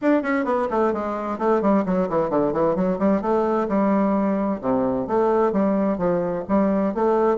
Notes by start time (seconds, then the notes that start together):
0.01 D4
0.22 C#4
0.44 B3
0.70 A3
0.93 G#3
1.38 A3
1.61 G3
1.85 F#3
2.09 E3
2.30 D3
2.52 E3
2.75 F#3
2.98 G3
3.21 A3
3.68 G3
4.61 C3
5.07 A3
5.52 G3
5.98 F3
6.48 G3
6.94 A3